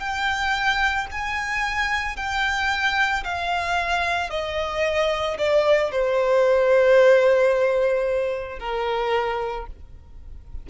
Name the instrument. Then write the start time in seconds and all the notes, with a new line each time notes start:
violin
0.00 G5
1.12 G#5
2.17 G5
3.24 F5
4.31 D#5
5.38 D5
5.92 C5
8.60 A#4